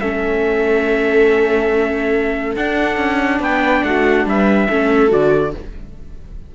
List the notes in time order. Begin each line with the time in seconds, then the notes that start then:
0.00 A3 C#4 A4 E5
2.56 D4 F#5
2.97 C#4
3.39 B3 B4 G5
3.84 A3 F#4 F#5
4.25 G3 B4 E5
4.68 A3 C#4 A4
5.08 D3 F#4 D5